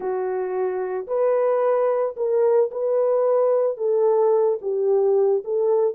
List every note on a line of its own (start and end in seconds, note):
0.00 1.06 F#4
1.07 2.15 B4
2.16 2.70 A#4
2.71 3.77 B4
3.77 4.58 A4
4.61 5.42 G4
5.44 5.95 A4